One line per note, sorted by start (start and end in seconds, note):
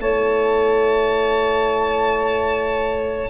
0.00 3.30 A3
0.00 3.30 E4
0.00 3.30 C#5
0.00 3.30 A5